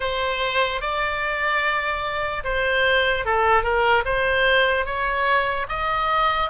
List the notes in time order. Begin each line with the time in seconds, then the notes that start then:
0.00 C5
0.81 D5
2.44 C5
3.25 A4
3.63 A#4
4.05 C5
4.85 C#5
5.68 D#5